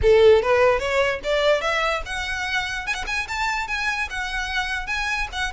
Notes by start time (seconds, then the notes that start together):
0.02 A4
0.42 B4
0.79 C#5
1.23 D5
1.61 E5
2.05 F#5
2.86 G#5
2.94 F#5
3.06 G#5
3.28 A5
3.67 G#5
4.10 F#5
4.87 G#5
5.32 F#5